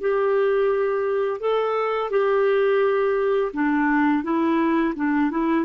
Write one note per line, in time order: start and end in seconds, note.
0.00 1.40 G4
1.40 2.10 A4
2.10 3.51 G4
3.53 4.23 D4
4.23 4.94 E4
4.95 5.31 D4
5.31 5.65 E4